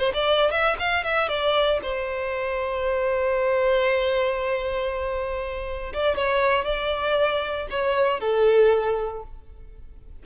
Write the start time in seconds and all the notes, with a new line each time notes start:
0.00 C5
0.14 D5
0.52 E5
0.79 F5
1.04 E5
1.29 D5
1.83 C5
5.94 D5
6.17 C#5
6.65 D5
7.71 C#5
8.21 A4